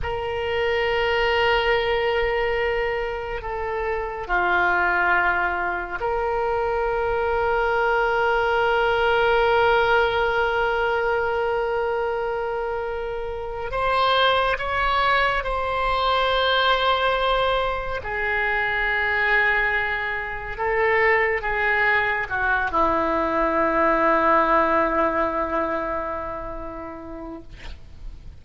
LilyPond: \new Staff \with { instrumentName = "oboe" } { \time 4/4 \tempo 4 = 70 ais'1 | a'4 f'2 ais'4~ | ais'1~ | ais'1 |
c''4 cis''4 c''2~ | c''4 gis'2. | a'4 gis'4 fis'8 e'4.~ | e'1 | }